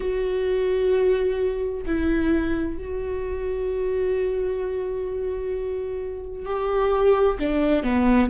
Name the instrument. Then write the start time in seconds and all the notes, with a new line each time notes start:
viola
0.00 F#4
1.85 E4
2.77 F#4
6.45 G4
7.39 D4
7.83 B3